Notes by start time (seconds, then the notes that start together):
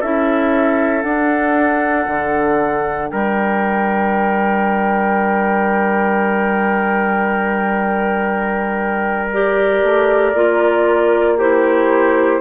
0.00 C#4 E4 A4 E5
1.02 D4 F#5
2.07 D3
3.08 G3 A#4 G5
9.32 G4 D5
9.83 A3
10.33 A#3 F4
11.38 E4 G4 C5